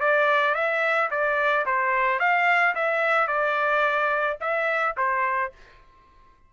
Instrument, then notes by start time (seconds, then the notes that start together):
trumpet
0.00 D5
0.54 E5
1.10 D5
1.66 C5
2.19 F5
2.75 E5
3.27 D5
4.40 E5
4.97 C5